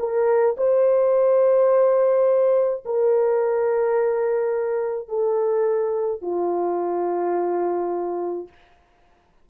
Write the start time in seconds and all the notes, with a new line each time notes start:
0.00 A#4
0.58 C5
2.86 A#4
5.09 A4
6.22 F4